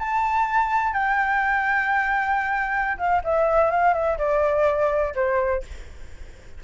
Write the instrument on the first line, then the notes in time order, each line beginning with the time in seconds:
flute
0.00 A5
0.94 G5
2.98 F5
3.24 E5
3.71 F5
3.94 E5
4.18 D5
5.15 C5